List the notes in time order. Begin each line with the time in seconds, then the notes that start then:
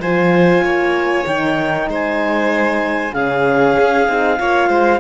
0.00 F3 F4 C5 G#5
0.63 A#3 C#5
1.27 D#3 D#4 G5
1.88 G#3 C5
1.94 G#5
3.13 C#3 C#4 G#4 F5
3.80 C#4
4.08 C4 D#4
4.38 A#3 F4 C#5
4.69 G#3 C5